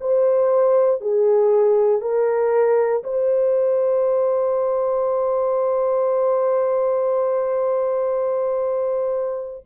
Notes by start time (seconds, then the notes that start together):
0.00 C5
1.00 G#4
2.01 A#4
3.03 C5